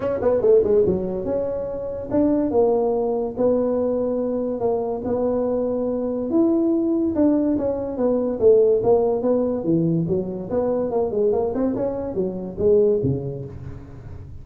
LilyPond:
\new Staff \with { instrumentName = "tuba" } { \time 4/4 \tempo 4 = 143 cis'8 b8 a8 gis8 fis4 cis'4~ | cis'4 d'4 ais2 | b2. ais4 | b2. e'4~ |
e'4 d'4 cis'4 b4 | a4 ais4 b4 e4 | fis4 b4 ais8 gis8 ais8 c'8 | cis'4 fis4 gis4 cis4 | }